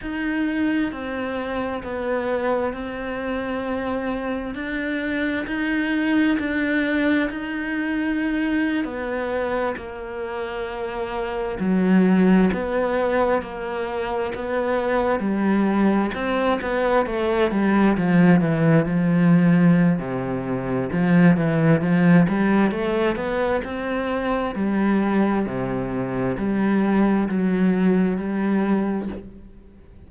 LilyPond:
\new Staff \with { instrumentName = "cello" } { \time 4/4 \tempo 4 = 66 dis'4 c'4 b4 c'4~ | c'4 d'4 dis'4 d'4 | dis'4.~ dis'16 b4 ais4~ ais16~ | ais8. fis4 b4 ais4 b16~ |
b8. g4 c'8 b8 a8 g8 f16~ | f16 e8 f4~ f16 c4 f8 e8 | f8 g8 a8 b8 c'4 g4 | c4 g4 fis4 g4 | }